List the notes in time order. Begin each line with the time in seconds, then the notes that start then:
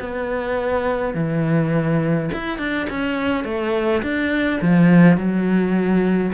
0.00 B3
1.15 E3
2.33 E4
2.58 D4
2.90 C#4
3.45 A3
4.03 D4
4.62 F3
5.17 F#3